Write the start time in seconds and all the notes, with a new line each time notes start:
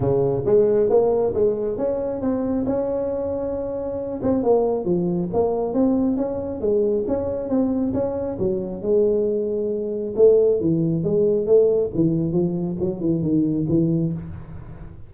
0.00 C#3
0.45 G#3
0.89 A#3
1.34 G#3
1.77 C#4
2.21 C4
2.66 C#4
4.22 C4
4.43 A#3
4.84 F3
5.33 A#3
5.73 C4
6.16 C#4
6.60 G#3
7.07 C#4
7.49 C4
7.93 C#4
8.38 F#3
8.82 G#3
10.16 A3
10.60 E3
11.03 G#3
11.46 A3
11.94 E3
12.32 F3
12.80 F#3
13.00 E3
13.22 D#3
13.68 E3